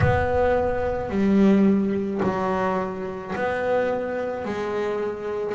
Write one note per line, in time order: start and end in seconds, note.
0.00 1.09 B3
1.09 2.20 G3
2.22 3.33 F#3
3.35 4.44 B3
4.44 5.55 G#3